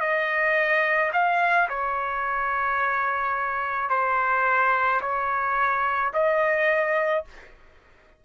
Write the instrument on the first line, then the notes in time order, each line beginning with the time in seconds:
trumpet
0.00 D#5
1.13 F5
1.69 C#5
3.89 C5
5.01 C#5
6.13 D#5